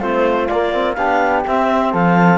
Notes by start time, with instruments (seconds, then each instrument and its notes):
0.00 cello A3, trombone C4, flute F4, clarinet C5
0.48 cello A#3, trombone A#3, clarinet D5
0.72 trombone C4
0.94 cello B3, trombone D4, flute G4, clarinet F5
1.47 cello C4, trombone C4, clarinet E5
1.93 cello F3, flute A4, clarinet F5